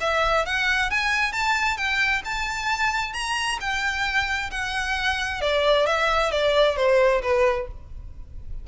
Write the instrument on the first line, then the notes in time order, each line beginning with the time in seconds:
violin
0.00 E5
0.45 F#5
0.90 G#5
1.32 A5
1.77 G5
2.24 A5
3.13 A#5
3.60 G5
4.51 F#5
5.41 D5
5.86 E5
6.31 D5
6.76 C5
7.22 B4